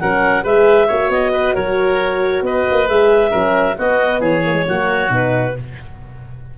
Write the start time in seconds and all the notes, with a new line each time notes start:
0.00 F#3 C#4 A#4 F#5
0.44 G#3 G#4 B4 E5
0.87 A#3 F#4 C#5
1.09 B3 D#5
1.33 B4
1.55 F#3 A#4 C#5
2.42 B3 B4 D#5
2.71 A#3
2.88 G#3 G#4 E5
3.30 F#3 C#4 A#4
3.78 B3 F#4 D#5
4.20 E3 G#4 C#5
4.44 A#3
4.53 G#3
4.67 F#3 A#3 F#4
5.09 B2 D#4 B4